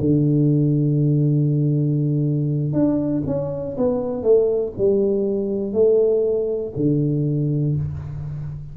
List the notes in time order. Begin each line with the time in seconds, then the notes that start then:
0.00 D3
2.73 D4
3.26 C#4
3.77 B3
4.23 A3
4.78 G3
5.73 A3
6.76 D3